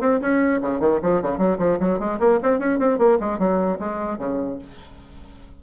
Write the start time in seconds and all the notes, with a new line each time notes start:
0.00 C4
0.20 C#4
0.61 C#3
0.79 D#3
1.02 F3
1.21 C#3
1.37 F#3
1.58 F3
1.79 F#3
1.99 G#3
2.19 A#3
2.43 C4
2.59 C#4
2.79 C4
2.98 A#3
3.20 G#3
3.38 F#3
3.79 G#3
4.18 C#3